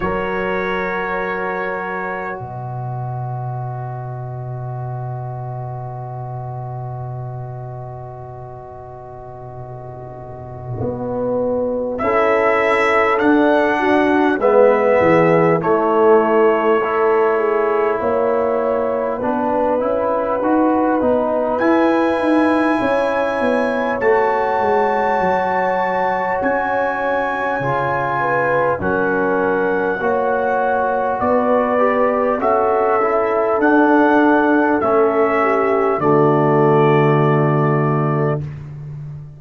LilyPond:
<<
  \new Staff \with { instrumentName = "trumpet" } { \time 4/4 \tempo 4 = 50 cis''2 dis''2~ | dis''1~ | dis''2 e''4 fis''4 | e''4 cis''2 fis''4~ |
fis''2 gis''2 | a''2 gis''2 | fis''2 d''4 e''4 | fis''4 e''4 d''2 | }
  \new Staff \with { instrumentName = "horn" } { \time 4/4 ais'2 b'2~ | b'1~ | b'2 a'4. fis'8 | b'8 gis'8 e'4 a'8 gis'8 cis''4 |
b'2. cis''4~ | cis''2.~ cis''8 b'8 | ais'4 cis''4 b'4 a'4~ | a'4. g'8 fis'2 | }
  \new Staff \with { instrumentName = "trombone" } { \time 4/4 fis'1~ | fis'1~ | fis'2 e'4 d'4 | b4 a4 e'2 |
d'8 e'8 fis'8 dis'8 e'2 | fis'2. f'4 | cis'4 fis'4. g'8 fis'8 e'8 | d'4 cis'4 a2 | }
  \new Staff \with { instrumentName = "tuba" } { \time 4/4 fis2 b,2~ | b,1~ | b,4 b4 cis'4 d'4 | gis8 e8 a2 ais4 |
b8 cis'8 dis'8 b8 e'8 dis'8 cis'8 b8 | a8 gis8 fis4 cis'4 cis4 | fis4 ais4 b4 cis'4 | d'4 a4 d2 | }
>>